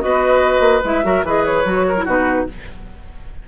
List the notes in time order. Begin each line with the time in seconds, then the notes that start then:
0.00 B3 F#4 B4 D#5
0.60 A#3
0.84 G#3 E4 E5
1.03 F#3 F#4 A#4
1.23 E3 G#4 B4 D#5
1.44 C#5
1.64 F#3 F#4
1.88 A#4
1.97 E4
2.04 B2 D#4 F#4 B4